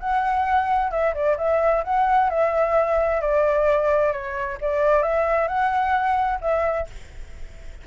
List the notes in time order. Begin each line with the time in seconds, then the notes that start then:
0.00 F#5
0.91 E5
1.14 D5
1.37 E5
1.84 F#5
2.30 E5
3.21 D5
4.12 C#5
4.61 D5
5.03 E5
5.48 F#5
6.41 E5